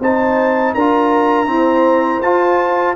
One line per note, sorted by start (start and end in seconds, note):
0.00 0.74 C4
0.00 0.78 D#4
0.00 0.75 C5
0.00 0.75 A5
0.75 1.49 D4
0.75 1.46 F4
0.75 1.48 A#4
0.75 2.22 A#5
1.46 2.20 C4
1.46 2.22 E4
1.46 2.96 C5
2.22 2.96 F4
2.22 2.96 A5